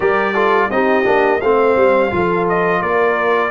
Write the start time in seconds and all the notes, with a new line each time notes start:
0.00 G3 G4 A#4 D5
0.33 F4 A4
0.70 C4 D#4 G4 D#5
1.04 A#3 D4
1.41 A3 C4 C5 F5
1.76 G3
2.11 F3 F4 A4
2.48 D#5
2.81 A#3 A#4 D5